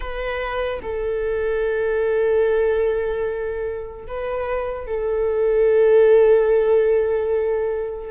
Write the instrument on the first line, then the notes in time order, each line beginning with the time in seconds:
viola
0.00 B4
0.82 A4
4.07 B4
4.86 A4